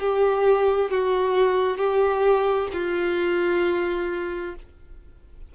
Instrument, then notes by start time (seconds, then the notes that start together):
violin
0.00 G4
0.90 F#4
1.77 G4
2.73 F4